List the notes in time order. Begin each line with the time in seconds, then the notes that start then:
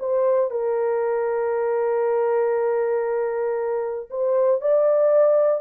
0.00 C5
0.51 A#4
4.11 C5
4.62 D5